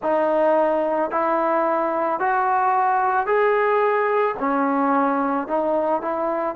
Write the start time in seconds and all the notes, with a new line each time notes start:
0.02 D#4
1.11 E4
2.19 F#4
3.26 G#4
4.39 C#4
5.47 D#4
6.01 E4